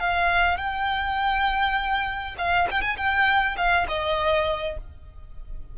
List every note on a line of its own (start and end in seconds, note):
0.00 0.58 F5
0.58 2.36 G5
2.38 2.68 F5
2.71 2.82 G5
2.82 2.97 G#5
2.97 3.56 G5
3.57 3.87 F5
3.88 4.77 D#5